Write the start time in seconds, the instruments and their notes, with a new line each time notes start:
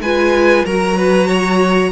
0.00 cello G#3, viola F4, violin B4 G#5
0.65 cello F#3, viola F#4, violin A#4 A#5
0.97 violin B4
1.27 violin C#5